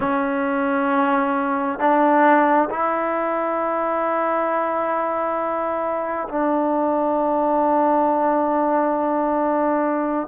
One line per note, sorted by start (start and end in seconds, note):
0.00 1.79 C#4
1.79 2.68 D4
2.69 6.28 E4
6.28 10.27 D4